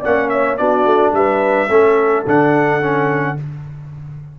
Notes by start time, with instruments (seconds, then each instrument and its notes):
0.00 tuba A#3, trombone C#4, horn D5, trumpet F#5
0.29 horn C#5, trumpet E5
0.57 tuba B3, trombone D4, horn F#4, trumpet D5
0.86 tuba A3
1.13 tuba G3, horn B4, trumpet E5
1.69 tuba A3, trombone C#4, horn A4
2.27 tuba D3, trombone D4, trumpet F#5
2.81 trombone C#4